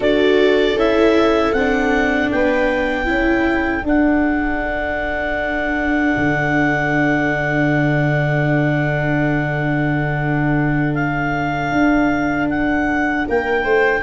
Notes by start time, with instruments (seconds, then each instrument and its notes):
0.00 tuba D4, viola F#4 A4, clarinet D5
0.74 tuba C#4, viola E4, clarinet E5
1.52 tuba C4, viola D4, clarinet F#5
2.31 tuba B3, viola B4, clarinet G5
3.05 tuba C#4, viola E4 A4
3.83 tuba D4, viola D4, clarinet F#5
6.16 tuba D3
10.94 clarinet F5
11.71 tuba D4
12.49 clarinet F#5
13.27 tuba A#3, viola A#4, clarinet G5
13.63 tuba A3, viola C5